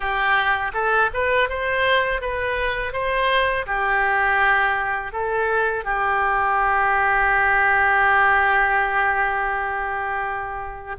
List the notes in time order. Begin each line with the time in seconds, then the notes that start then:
0.00 G4
0.73 A4
1.13 B4
1.49 C5
2.21 B4
2.92 C5
3.66 G4
5.12 A4
5.84 G4